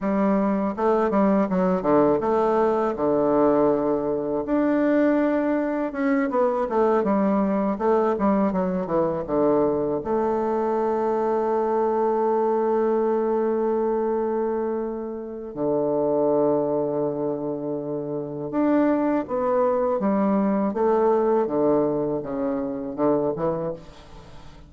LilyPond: \new Staff \with { instrumentName = "bassoon" } { \time 4/4 \tempo 4 = 81 g4 a8 g8 fis8 d8 a4 | d2 d'2 | cis'8 b8 a8 g4 a8 g8 fis8 | e8 d4 a2~ a8~ |
a1~ | a4 d2.~ | d4 d'4 b4 g4 | a4 d4 cis4 d8 e8 | }